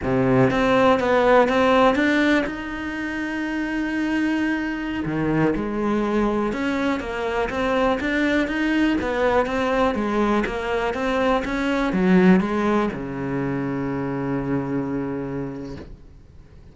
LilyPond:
\new Staff \with { instrumentName = "cello" } { \time 4/4 \tempo 4 = 122 c4 c'4 b4 c'4 | d'4 dis'2.~ | dis'2~ dis'16 dis4 gis8.~ | gis4~ gis16 cis'4 ais4 c'8.~ |
c'16 d'4 dis'4 b4 c'8.~ | c'16 gis4 ais4 c'4 cis'8.~ | cis'16 fis4 gis4 cis4.~ cis16~ | cis1 | }